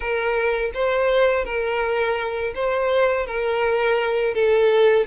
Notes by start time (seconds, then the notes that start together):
0.00 A#4
0.74 C5
1.45 A#4
2.55 C5
3.26 A#4
4.34 A4